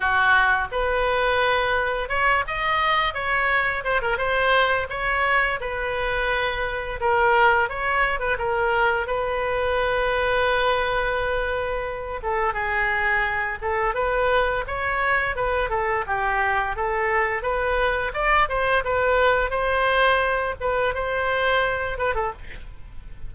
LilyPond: \new Staff \with { instrumentName = "oboe" } { \time 4/4 \tempo 4 = 86 fis'4 b'2 cis''8 dis''8~ | dis''8 cis''4 c''16 ais'16 c''4 cis''4 | b'2 ais'4 cis''8. b'16 | ais'4 b'2.~ |
b'4. a'8 gis'4. a'8 | b'4 cis''4 b'8 a'8 g'4 | a'4 b'4 d''8 c''8 b'4 | c''4. b'8 c''4. b'16 a'16 | }